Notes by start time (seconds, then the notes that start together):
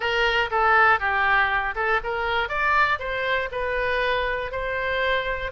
0.00 A#4
0.50 A4
0.99 G4
1.75 A4
2.03 A#4
2.49 D5
2.99 C5
3.51 B4
4.51 C5